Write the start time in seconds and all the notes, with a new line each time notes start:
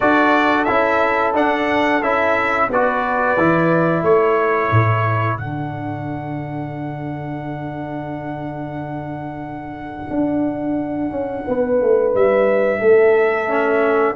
0.00 D4 F#4 A4 D5
0.64 C#4 E4 E5
1.34 D4 F#5
2.01 C#4 E4 E5
2.69 B3 F#4 B4 D5
3.37 E3 E4
4.02 A3 A4 C#5
4.71 A2
5.38 D3 D4 F#5
10.09 D4
11.10 C#4
11.47 B3 B4
11.81 A3
12.14 G3 E5
12.79 A3 A4
13.48 C#4